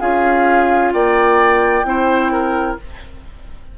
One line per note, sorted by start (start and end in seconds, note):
0.00 0.93 C#4
0.00 1.84 F4
0.00 0.92 G#4
0.00 0.92 F5
0.93 1.84 A#3
0.93 1.86 D5
0.93 2.77 G5
1.84 2.76 C4
1.84 2.76 E4
1.84 2.32 C5
2.32 2.78 A#4